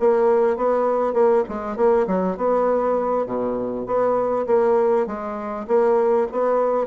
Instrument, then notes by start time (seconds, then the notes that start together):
bassoon
0.00 A#3
0.57 B3
1.14 A#3
1.49 G#3
1.77 A#3
2.07 F#3
2.38 B3
3.26 B2
3.86 B3
4.47 A#3
5.07 G#3
5.68 A#3
6.32 B3